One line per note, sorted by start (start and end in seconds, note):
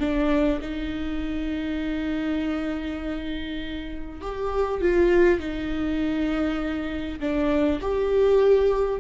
0.00 0.60 D4
0.61 4.21 D#4
4.22 4.82 G4
4.82 5.40 F4
5.40 7.20 D#4
7.20 7.80 D4
7.81 9.00 G4